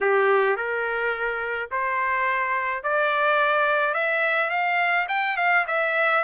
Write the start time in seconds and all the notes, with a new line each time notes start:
0.01 G4
0.56 A#4
1.71 C5
2.83 D5
3.94 E5
4.50 F5
5.08 G5
5.36 F5
5.67 E5